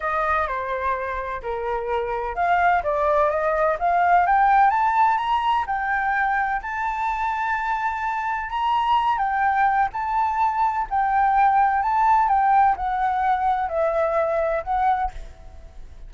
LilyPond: \new Staff \with { instrumentName = "flute" } { \time 4/4 \tempo 4 = 127 dis''4 c''2 ais'4~ | ais'4 f''4 d''4 dis''4 | f''4 g''4 a''4 ais''4 | g''2 a''2~ |
a''2 ais''4. g''8~ | g''4 a''2 g''4~ | g''4 a''4 g''4 fis''4~ | fis''4 e''2 fis''4 | }